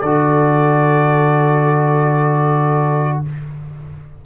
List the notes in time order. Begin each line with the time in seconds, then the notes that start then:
0.00 D3 F#4 A4 D5